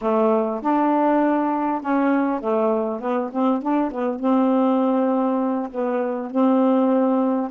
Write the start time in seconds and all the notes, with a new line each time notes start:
0.01 A3
0.61 D4
1.81 C#4
2.40 A3
3.00 B3
3.31 C4
3.62 D4
3.91 B3
4.19 C4
5.71 B3
6.31 C4